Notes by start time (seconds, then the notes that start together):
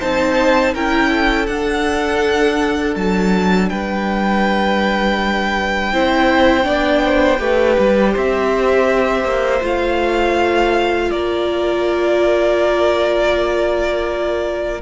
0.00 C4 D#4 C5 A5
0.74 C#4 E4 A#4 G5
1.10 A4
1.46 D4 F#5
2.95 F#3 A5
3.69 G3 B4 G5
5.92 C4 E4 C5
6.63 B3 D4 D5
7.04 C5
7.38 A3 G4 B4
7.79 G3
8.12 C4 C5 E5
9.24 A#3
9.62 A3 F4 F5
11.11 A#3 A#4 D5